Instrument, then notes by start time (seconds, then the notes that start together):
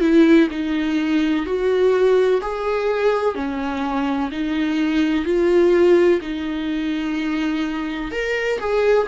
viola
0.00 E4
0.50 D#4
1.45 F#4
2.41 G#4
3.35 C#4
4.31 D#4
5.25 F4
6.21 D#4
8.11 A#4
8.59 G#4